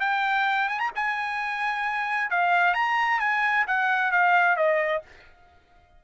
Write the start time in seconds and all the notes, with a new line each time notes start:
0.00 G5
0.69 G#5
0.79 A#5
0.95 G#5
2.30 F5
2.74 A#5
3.20 G#5
3.67 F#5
4.11 F5
4.56 D#5